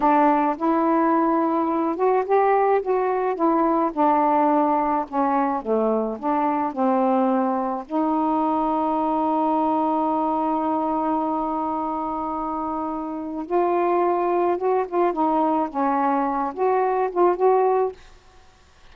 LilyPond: \new Staff \with { instrumentName = "saxophone" } { \time 4/4 \tempo 4 = 107 d'4 e'2~ e'8 fis'8 | g'4 fis'4 e'4 d'4~ | d'4 cis'4 a4 d'4 | c'2 dis'2~ |
dis'1~ | dis'1 | f'2 fis'8 f'8 dis'4 | cis'4. fis'4 f'8 fis'4 | }